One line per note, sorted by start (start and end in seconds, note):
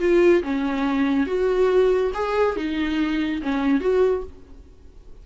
0.00 0.43 F4
0.43 1.26 C#4
1.26 2.12 F#4
2.14 2.56 G#4
2.56 3.42 D#4
3.42 3.80 C#4
3.80 4.23 F#4